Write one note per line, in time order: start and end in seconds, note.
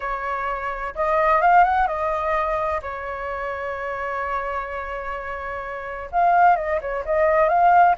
0.00 0.94 C#5
0.95 1.41 D#5
1.41 1.64 F5
1.64 1.87 F#5
1.87 2.80 D#5
2.82 6.10 C#5
6.11 6.56 F5
6.56 6.79 D#5
6.81 7.04 C#5
7.05 7.48 D#5
7.48 7.95 F5